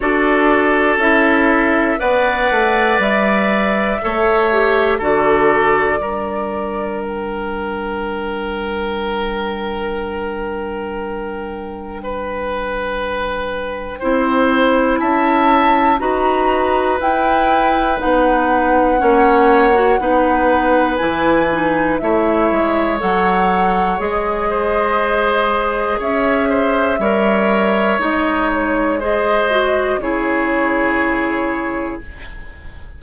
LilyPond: <<
  \new Staff \with { instrumentName = "flute" } { \time 4/4 \tempo 4 = 60 d''4 e''4 fis''4 e''4~ | e''4 d''2 g''4~ | g''1~ | g''2. a''4 |
ais''4 g''4 fis''2~ | fis''4 gis''4 e''4 fis''4 | dis''2 e''2 | dis''8 cis''8 dis''4 cis''2 | }
  \new Staff \with { instrumentName = "oboe" } { \time 4/4 a'2 d''2 | cis''4 a'4 ais'2~ | ais'1 | b'2 c''4 e''4 |
b'2. cis''4 | b'2 cis''2~ | cis''8 c''4. cis''8 c''8 cis''4~ | cis''4 c''4 gis'2 | }
  \new Staff \with { instrumentName = "clarinet" } { \time 4/4 fis'4 e'4 b'2 | a'8 g'8 fis'4 d'2~ | d'1~ | d'2 e'2 |
fis'4 e'4 dis'4 cis'8. fis'16 | dis'4 e'8 dis'8 e'4 a'4 | gis'2. ais'4 | dis'4 gis'8 fis'8 e'2 | }
  \new Staff \with { instrumentName = "bassoon" } { \time 4/4 d'4 cis'4 b8 a8 g4 | a4 d4 g2~ | g1~ | g2 c'4 cis'4 |
dis'4 e'4 b4 ais4 | b4 e4 a8 gis8 fis4 | gis2 cis'4 g4 | gis2 cis2 | }
>>